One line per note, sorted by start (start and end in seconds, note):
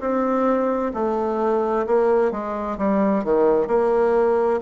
0.00 0.92 C4
0.94 1.86 A3
1.87 2.32 A#3
2.32 2.78 G#3
2.78 3.24 G3
3.24 3.68 D#3
3.68 4.60 A#3